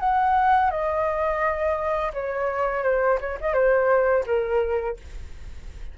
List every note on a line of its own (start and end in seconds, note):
0.00 0.71 F#5
0.71 2.12 D#5
2.14 2.84 C#5
2.84 3.19 C5
3.21 3.38 C#5
3.41 3.54 D#5
3.54 4.24 C5
4.26 4.97 A#4